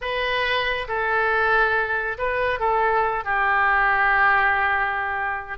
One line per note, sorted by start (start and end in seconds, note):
0.01 0.87 B4
0.88 2.17 A4
2.18 2.59 B4
2.59 3.24 A4
3.24 5.57 G4